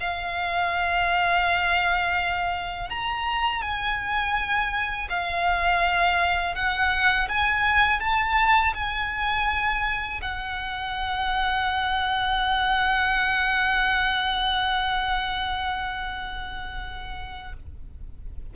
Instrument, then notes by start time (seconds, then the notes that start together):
violin
0.00 F5
2.89 A#5
3.62 G#5
5.09 F5
6.55 F#5
7.28 G#5
8.00 A5
8.74 G#5
10.21 F#5